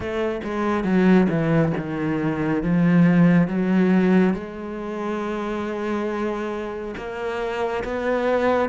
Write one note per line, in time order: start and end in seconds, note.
0.00 0.41 A3
0.43 0.84 G#3
0.84 1.27 F#3
1.28 1.72 E3
1.77 2.62 D#3
2.62 3.47 F3
3.47 4.34 F#3
4.34 6.94 G#3
6.96 7.83 A#3
7.84 8.69 B3